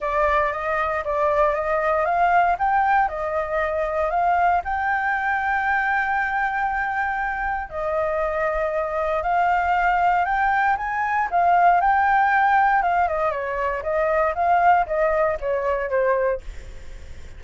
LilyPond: \new Staff \with { instrumentName = "flute" } { \time 4/4 \tempo 4 = 117 d''4 dis''4 d''4 dis''4 | f''4 g''4 dis''2 | f''4 g''2.~ | g''2. dis''4~ |
dis''2 f''2 | g''4 gis''4 f''4 g''4~ | g''4 f''8 dis''8 cis''4 dis''4 | f''4 dis''4 cis''4 c''4 | }